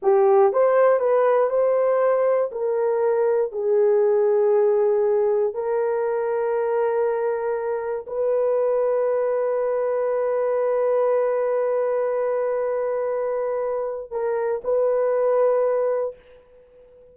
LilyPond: \new Staff \with { instrumentName = "horn" } { \time 4/4 \tempo 4 = 119 g'4 c''4 b'4 c''4~ | c''4 ais'2 gis'4~ | gis'2. ais'4~ | ais'1 |
b'1~ | b'1~ | b'1 | ais'4 b'2. | }